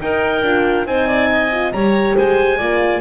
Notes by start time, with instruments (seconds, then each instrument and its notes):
0.00 horn D#4, double bass D#4, clarinet A#4, oboe G5
0.42 double bass D4, horn F4
0.85 double bass C4, horn D#4, clarinet C5, oboe G#5
1.07 clarinet D5
1.32 clarinet D#5
1.51 horn F4
1.72 double bass G3, horn G4, clarinet C#5, oboe A#5
2.16 double bass G#3, clarinet C5, oboe G#5
2.57 double bass A#3, horn F4, clarinet D5